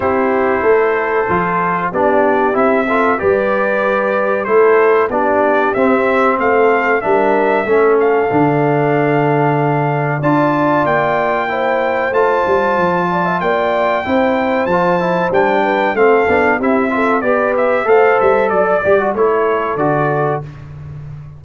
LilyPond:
<<
  \new Staff \with { instrumentName = "trumpet" } { \time 4/4 \tempo 4 = 94 c''2. d''4 | e''4 d''2 c''4 | d''4 e''4 f''4 e''4~ | e''8 f''2.~ f''8 |
a''4 g''2 a''4~ | a''4 g''2 a''4 | g''4 f''4 e''4 d''8 e''8 | f''8 e''8 d''4 cis''4 d''4 | }
  \new Staff \with { instrumentName = "horn" } { \time 4/4 g'4 a'2 g'4~ | g'8 a'8 b'2 a'4 | g'2 a'4 ais'4 | a'1 |
d''2 c''2~ | c''8 d''16 e''16 d''4 c''2~ | c''8 b'8 a'4 g'8 a'8 b'4 | c''4 d''4 a'2 | }
  \new Staff \with { instrumentName = "trombone" } { \time 4/4 e'2 f'4 d'4 | e'8 f'8 g'2 e'4 | d'4 c'2 d'4 | cis'4 d'2. |
f'2 e'4 f'4~ | f'2 e'4 f'8 e'8 | d'4 c'8 d'8 e'8 f'8 g'4 | a'4. g'16 fis'16 e'4 fis'4 | }
  \new Staff \with { instrumentName = "tuba" } { \time 4/4 c'4 a4 f4 b4 | c'4 g2 a4 | b4 c'4 a4 g4 | a4 d2. |
d'4 ais2 a8 g8 | f4 ais4 c'4 f4 | g4 a8 b8 c'4 b4 | a8 g8 fis8 g8 a4 d4 | }
>>